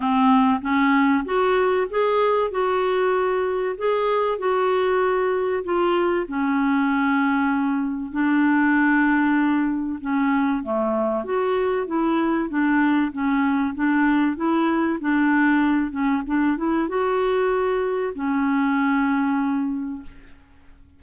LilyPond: \new Staff \with { instrumentName = "clarinet" } { \time 4/4 \tempo 4 = 96 c'4 cis'4 fis'4 gis'4 | fis'2 gis'4 fis'4~ | fis'4 f'4 cis'2~ | cis'4 d'2. |
cis'4 a4 fis'4 e'4 | d'4 cis'4 d'4 e'4 | d'4. cis'8 d'8 e'8 fis'4~ | fis'4 cis'2. | }